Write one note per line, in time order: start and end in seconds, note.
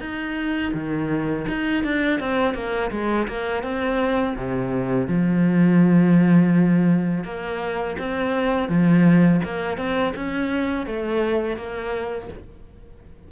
0.00 0.72 D#4
0.73 1.46 D#3
1.48 1.83 D#4
1.83 2.19 D4
2.19 2.54 C4
2.54 2.90 A#3
2.91 3.27 G#3
3.27 3.63 A#3
3.63 4.35 C4
4.36 5.07 C3
5.07 7.24 F3
7.24 7.96 A#3
7.98 8.68 C4
8.68 9.41 F3
9.44 9.77 A#3
9.77 10.13 C4
10.15 10.86 C#4
10.86 11.56 A3
11.56 12.28 A#3